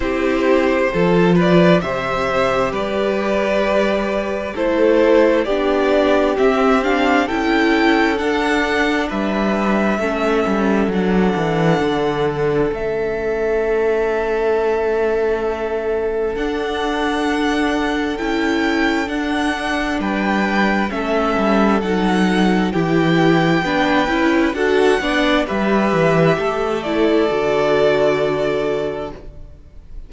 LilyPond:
<<
  \new Staff \with { instrumentName = "violin" } { \time 4/4 \tempo 4 = 66 c''4. d''8 e''4 d''4~ | d''4 c''4 d''4 e''8 f''8 | g''4 fis''4 e''2 | fis''2 e''2~ |
e''2 fis''2 | g''4 fis''4 g''4 e''4 | fis''4 g''2 fis''4 | e''4. d''2~ d''8 | }
  \new Staff \with { instrumentName = "violin" } { \time 4/4 g'4 a'8 b'8 c''4 b'4~ | b'4 a'4 g'2 | a'2 b'4 a'4~ | a'1~ |
a'1~ | a'2 b'4 a'4~ | a'4 g'4 b'4 a'8 d''8 | b'4 a'2. | }
  \new Staff \with { instrumentName = "viola" } { \time 4/4 e'4 f'4 g'2~ | g'4 e'4 d'4 c'8 d'8 | e'4 d'2 cis'4 | d'2 cis'2~ |
cis'2 d'2 | e'4 d'2 cis'4 | dis'4 e'4 d'8 e'8 fis'8 d'8 | g'4. e'8 fis'2 | }
  \new Staff \with { instrumentName = "cello" } { \time 4/4 c'4 f4 c4 g4~ | g4 a4 b4 c'4 | cis'4 d'4 g4 a8 g8 | fis8 e8 d4 a2~ |
a2 d'2 | cis'4 d'4 g4 a8 g8 | fis4 e4 b8 cis'8 d'8 b8 | g8 e8 a4 d2 | }
>>